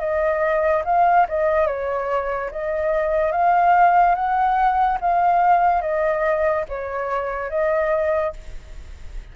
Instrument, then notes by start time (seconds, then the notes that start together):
flute
0.00 D#5
0.85 F5
1.29 D#5
1.67 C#5
2.51 D#5
3.32 F5
4.16 F#5
5.01 F5
5.82 D#5
6.69 C#5
7.50 D#5